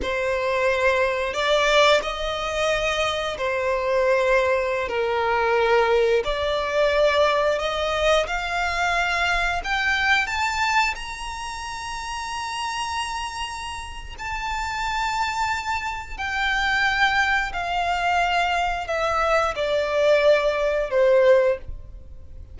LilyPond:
\new Staff \with { instrumentName = "violin" } { \time 4/4 \tempo 4 = 89 c''2 d''4 dis''4~ | dis''4 c''2~ c''16 ais'8.~ | ais'4~ ais'16 d''2 dis''8.~ | dis''16 f''2 g''4 a''8.~ |
a''16 ais''2.~ ais''8.~ | ais''4 a''2. | g''2 f''2 | e''4 d''2 c''4 | }